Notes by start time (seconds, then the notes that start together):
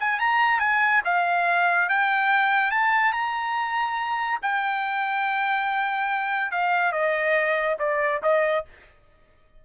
0.00 G#5
0.20 A#5
0.60 G#5
1.05 F5
1.89 G5
2.71 A5
3.13 A#5
4.43 G5
6.52 F5
6.92 D#5
7.79 D5
8.23 D#5